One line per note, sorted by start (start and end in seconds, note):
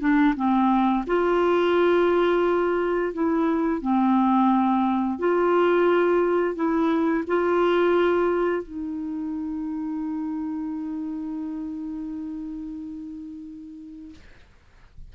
0.00 0.34 D4
0.36 1.05 C4
1.07 3.13 F4
3.13 3.82 E4
3.82 5.19 C4
5.19 6.55 F4
6.55 7.24 E4
7.28 8.63 F4
8.63 14.15 D#4